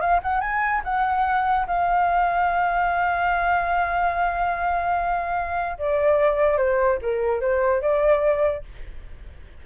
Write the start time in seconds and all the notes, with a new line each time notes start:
0.00 F5
0.22 F#5
0.40 G#5
0.84 F#5
1.67 F5
5.78 D5
6.57 C5
7.02 A#4
7.41 C5
7.81 D5